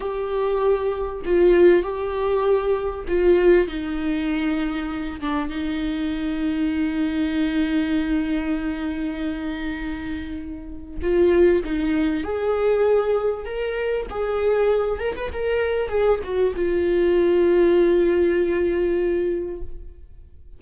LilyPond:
\new Staff \with { instrumentName = "viola" } { \time 4/4 \tempo 4 = 98 g'2 f'4 g'4~ | g'4 f'4 dis'2~ | dis'8 d'8 dis'2.~ | dis'1~ |
dis'2 f'4 dis'4 | gis'2 ais'4 gis'4~ | gis'8 ais'16 b'16 ais'4 gis'8 fis'8 f'4~ | f'1 | }